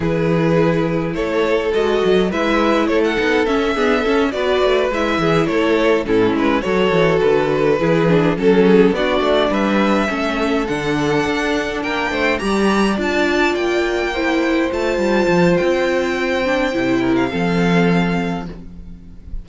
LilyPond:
<<
  \new Staff \with { instrumentName = "violin" } { \time 4/4 \tempo 4 = 104 b'2 cis''4 dis''4 | e''4 cis''16 fis''8. e''4. d''8~ | d''8 e''4 cis''4 a'8 b'8 cis''8~ | cis''8 b'2 a'4 d''8~ |
d''8 e''2 fis''4.~ | fis''8 g''4 ais''4 a''4 g''8~ | g''4. a''4. g''4~ | g''4.~ g''16 f''2~ f''16 | }
  \new Staff \with { instrumentName = "violin" } { \time 4/4 gis'2 a'2 | b'4 a'4. gis'8 a'8 b'8~ | b'4 gis'8 a'4 e'4 a'8~ | a'4. gis'4 a'8 gis'8 fis'8~ |
fis'8 b'4 a'2~ a'8~ | a'8 ais'8 c''8 d''2~ d''8~ | d''8 c''2.~ c''8~ | c''4. ais'8 a'2 | }
  \new Staff \with { instrumentName = "viola" } { \time 4/4 e'2. fis'4 | e'4. dis'8 cis'8 b8 cis'8 fis'8~ | fis'8 e'2 cis'4 fis'8~ | fis'4. e'8 d'8 cis'4 d'8~ |
d'4. cis'4 d'4.~ | d'4. g'4 f'4.~ | f'8 e'4 f'2~ f'8~ | f'8 d'8 e'4 c'2 | }
  \new Staff \with { instrumentName = "cello" } { \time 4/4 e2 a4 gis8 fis8 | gis4 a8 b8 cis'8 d'8 cis'8 b8 | a8 gis8 e8 a4 a,8 gis8 fis8 | e8 d4 e4 fis4 b8 |
a8 g4 a4 d4 d'8~ | d'8 ais8 a8 g4 d'4 ais8~ | ais4. a8 g8 f8 c'4~ | c'4 c4 f2 | }
>>